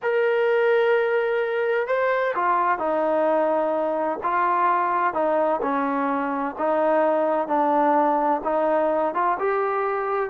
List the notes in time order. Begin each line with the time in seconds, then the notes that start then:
0.02 A#4
1.87 C5
2.35 F4
2.78 D#4
4.23 F4
5.13 D#4
5.61 C#4
6.58 D#4
7.47 D4
8.44 D#4
9.14 F4
9.39 G4